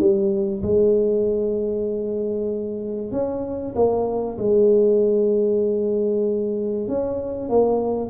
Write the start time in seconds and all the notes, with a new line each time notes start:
0.00 G3
0.63 G#3
3.12 C#4
3.76 A#3
4.38 G#3
6.88 C#4
7.49 A#3